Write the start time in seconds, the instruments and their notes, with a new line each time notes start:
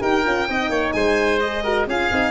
0.00 tuba D#4, horn G4, oboe A#4, violin G5
0.25 tuba C#4, horn F4
0.49 tuba C4, horn D#4, oboe D#5
0.69 tuba A#3, oboe C#5
0.92 tuba G#3, oboe C5, violin G#5
1.39 horn G#4, violin D#5
1.63 horn F#4, oboe A#4
1.87 tuba C#4, horn F4, oboe G#4, violin F5
2.11 tuba C4, horn D#4